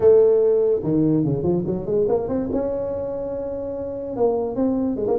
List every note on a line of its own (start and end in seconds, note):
0.00 0.81 A3
0.83 1.24 D#3
1.24 1.43 C#3
1.43 1.64 F3
1.66 1.85 F#3
1.85 2.06 G#3
2.08 2.28 A#3
2.28 2.49 C4
2.52 4.16 C#4
4.16 4.55 A#3
4.55 4.96 C4
4.96 5.06 G#3
5.07 5.17 A#3